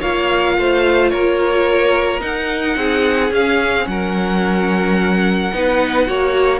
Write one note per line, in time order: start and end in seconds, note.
0.00 0.58 A#3
0.00 2.20 F4
0.00 0.55 C#5
0.00 1.11 F5
0.58 1.13 A3
0.58 1.12 C5
1.11 2.22 A#3
1.11 2.77 A#4
1.11 2.21 C#5
2.20 3.30 D#4
2.20 2.77 D#4
2.20 3.32 F#5
2.77 3.32 C4
2.77 3.87 G#4
3.31 5.51 C#4
3.31 3.87 C#4
3.31 3.87 F5
3.87 5.53 F#3
3.87 5.56 A#4
3.87 6.60 F#5
5.53 6.08 B3
5.53 6.07 D#4
5.53 6.08 B4
6.07 6.60 A#3
6.07 6.60 F#4
6.07 6.60 C#5